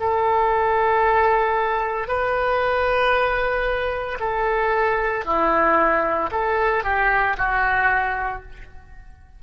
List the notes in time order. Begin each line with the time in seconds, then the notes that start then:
0.00 A4
2.08 B4
4.20 A4
5.25 E4
6.32 A4
6.84 G4
7.38 F#4